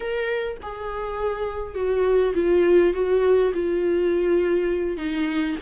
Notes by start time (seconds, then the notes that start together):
0.00 A#4
0.62 G#4
1.75 F#4
2.34 F4
2.93 F#4
3.53 F4
4.97 D#4